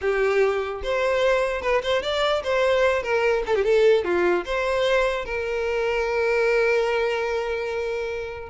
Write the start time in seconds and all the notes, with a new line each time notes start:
0.01 G4
0.83 C5
1.61 B4
1.82 C5
2.02 D5
2.43 C5
3.02 A#4
3.46 A4
3.55 G4
3.64 A4
4.04 F4
4.45 C5
5.25 A#4